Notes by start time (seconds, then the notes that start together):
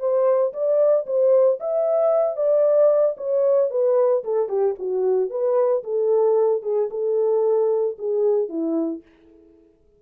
0.00 C5
0.53 D5
1.06 C5
1.60 E5
2.37 D5
3.17 C#5
3.71 B4
4.24 A4
4.49 G4
4.79 F#4
5.30 B4
5.84 A4
6.63 G#4
6.91 A4
7.99 G#4
8.49 E4